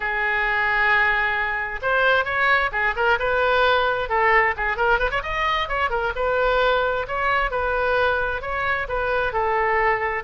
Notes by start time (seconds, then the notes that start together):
0.00 G#4
1.82 C5
2.25 C#5
2.71 G#4
2.95 A#4
3.19 B4
4.09 A4
4.56 G#4
4.76 A#4
4.99 B4
5.10 C#5
5.23 D#5
5.68 C#5
5.90 A#4
6.15 B4
7.07 C#5
7.50 B4
8.41 C#5
8.88 B4
9.32 A4